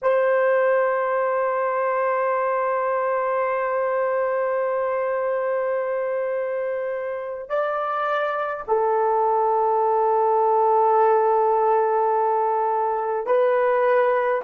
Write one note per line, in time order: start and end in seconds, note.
0.02 7.49 C5
7.49 8.64 D5
8.67 13.26 A4
13.26 14.41 B4